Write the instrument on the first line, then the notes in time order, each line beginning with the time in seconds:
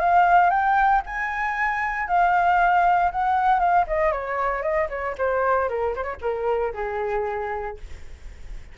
flute
0.00 F5
0.50 G5
1.07 G#5
2.08 F5
3.12 F#5
3.60 F5
3.88 D#5
4.12 C#5
4.63 D#5
4.90 C#5
5.18 C5
5.69 A#4
5.96 C5
6.04 C#5
6.22 A#4
6.74 G#4